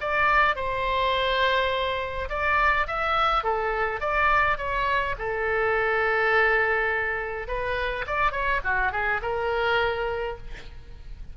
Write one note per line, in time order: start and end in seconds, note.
0.00 0.56 D5
0.56 2.29 C5
2.29 2.87 D5
2.87 3.43 E5
3.43 4.00 A4
4.00 4.57 D5
4.57 5.15 C#5
5.18 7.47 A4
7.47 8.05 B4
8.07 8.31 D5
8.31 8.60 C#5
8.64 8.92 F#4
8.92 9.21 G#4
9.22 10.37 A#4